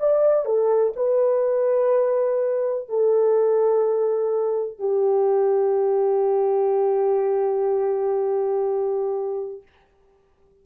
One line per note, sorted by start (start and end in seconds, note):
0.00 0.45 D5
0.45 0.94 A4
0.96 2.89 B4
2.89 4.79 A4
4.79 9.63 G4